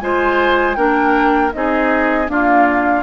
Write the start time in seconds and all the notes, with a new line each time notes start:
0.00 G#3 F4 C5 G#5
0.75 A#3 D4 A#4 G5
1.52 C4 D#4 G#4 D#5
2.27 A#3 D4 F4 F5